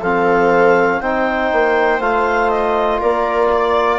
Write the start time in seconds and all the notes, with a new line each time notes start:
0.00 F3 C4 A4 F5
1.00 C4 D#4 C5 G5
1.52 A#3
1.99 A3 F4 F5
2.49 D#5
3.00 A#3 A#4 D5
3.53 D5